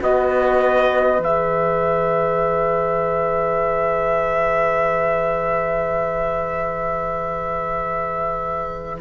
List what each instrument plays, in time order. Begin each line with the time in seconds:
0.00 cello B3, saxophone F#4, oboe B4, trumpet D#5
1.19 cello E3, saxophone G#4, trumpet E5